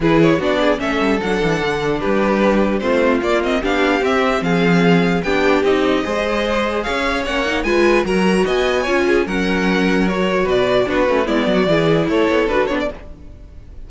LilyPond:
<<
  \new Staff \with { instrumentName = "violin" } { \time 4/4 \tempo 4 = 149 b'8 cis''8 d''4 e''4 fis''4~ | fis''4 b'2 c''4 | d''8 dis''8 f''4 e''4 f''4~ | f''4 g''4 dis''2~ |
dis''4 f''4 fis''4 gis''4 | ais''4 gis''2 fis''4~ | fis''4 cis''4 d''4 b'4 | d''2 cis''4 b'8 cis''16 d''16 | }
  \new Staff \with { instrumentName = "violin" } { \time 4/4 gis'4 fis'8 gis'8 a'2~ | a'4 g'2 f'4~ | f'4 g'2 gis'4~ | gis'4 g'2 c''4~ |
c''4 cis''2 b'4 | ais'4 dis''4 cis''8 gis'8 ais'4~ | ais'2 b'4 fis'4 | e'8 fis'8 gis'4 a'2 | }
  \new Staff \with { instrumentName = "viola" } { \time 4/4 e'4 d'4 cis'4 d'4~ | d'2. c'4 | ais8 c'8 d'4 c'2~ | c'4 d'4 dis'4 gis'4~ |
gis'2 cis'8 dis'8 f'4 | fis'2 f'4 cis'4~ | cis'4 fis'2 d'8 cis'8 | b4 e'2 fis'8 d'8 | }
  \new Staff \with { instrumentName = "cello" } { \time 4/4 e4 b4 a8 g8 fis8 e8 | d4 g2 a4 | ais4 b4 c'4 f4~ | f4 b4 c'4 gis4~ |
gis4 cis'4 ais4 gis4 | fis4 b4 cis'4 fis4~ | fis2 b,4 b8 a8 | gis8 fis8 e4 a8 b8 d'8 b8 | }
>>